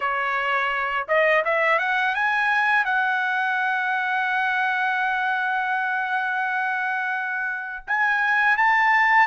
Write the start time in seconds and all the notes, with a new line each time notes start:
0.00 C#5
1.08 D#5
1.44 E5
1.79 F#5
2.15 G#5
2.84 F#5
7.87 G#5
8.57 A5